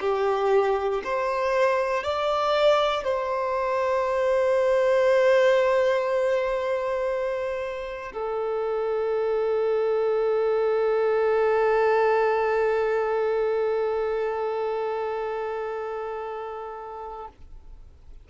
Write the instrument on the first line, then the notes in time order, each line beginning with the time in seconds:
violin
0.00 G4
1.04 C5
2.03 D5
3.04 C5
8.13 A4